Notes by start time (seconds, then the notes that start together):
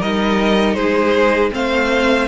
0.00 G3 D#4 A#4 D#5
0.74 G#3 G#4 C5
1.52 A3 C4 C5 F5